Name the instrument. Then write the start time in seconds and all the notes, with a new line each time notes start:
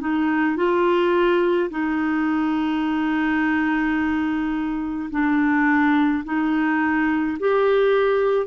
clarinet
0.00 D#4
0.57 F4
1.70 D#4
5.10 D4
6.25 D#4
7.39 G4